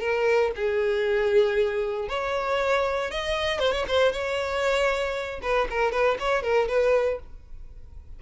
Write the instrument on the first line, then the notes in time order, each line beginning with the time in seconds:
violin
0.00 A#4
0.55 G#4
2.09 C#5
3.11 D#5
3.59 C5
3.72 C#5
3.87 C5
4.12 C#5
5.42 B4
5.70 A#4
5.92 B4
6.19 C#5
6.43 A#4
6.68 B4